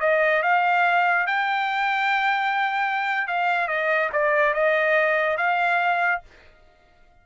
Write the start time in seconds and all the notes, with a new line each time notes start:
0.00 D#5
0.42 F5
1.26 G5
3.27 F5
3.67 D#5
4.13 D5
4.53 D#5
5.37 F5